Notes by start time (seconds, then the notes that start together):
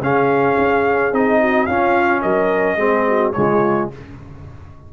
0.00 C#3 C#4 G#4 F5
0.58 C#4
1.12 C4 D#4 D#5
1.40 F#4
1.66 C#4 F4 F5
2.22 F#3 A#4 D#5
2.76 G#3 C4 G#4
3.07 F#4
3.33 C#3 G#3 F4 C#5